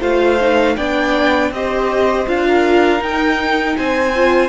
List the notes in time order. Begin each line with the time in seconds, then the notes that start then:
0.00 A3 F4 C5 F5
0.40 D#4
0.76 B3 D4 D5 G5
1.50 C4 G4 C5 D#5
2.27 D4 F4 F5
2.47 A#4
2.99 D#4 G5
3.76 C4 C5 G#5
4.15 F4